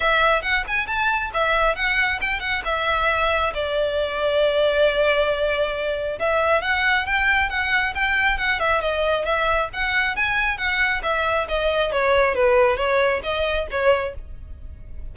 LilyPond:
\new Staff \with { instrumentName = "violin" } { \time 4/4 \tempo 4 = 136 e''4 fis''8 gis''8 a''4 e''4 | fis''4 g''8 fis''8 e''2 | d''1~ | d''2 e''4 fis''4 |
g''4 fis''4 g''4 fis''8 e''8 | dis''4 e''4 fis''4 gis''4 | fis''4 e''4 dis''4 cis''4 | b'4 cis''4 dis''4 cis''4 | }